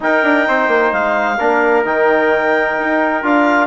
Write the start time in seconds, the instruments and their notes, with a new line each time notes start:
0.00 trombone D#4, bassoon D#4, trumpet A#4, clarinet G5
0.23 bassoon D4
0.48 bassoon C4, trumpet C5
0.67 bassoon A#3
0.92 bassoon G#3, clarinet F5
1.38 bassoon A#3, trombone D4, trumpet A#4
1.84 bassoon D#3, trombone D#4, clarinet G5
2.78 bassoon D#4
3.22 bassoon D4, trombone F4, clarinet F5